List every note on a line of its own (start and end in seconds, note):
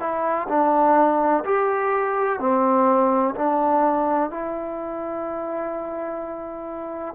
0.00 0.48 E4
0.49 1.44 D4
1.45 2.39 G4
2.39 3.35 C4
3.35 4.31 D4
4.31 7.15 E4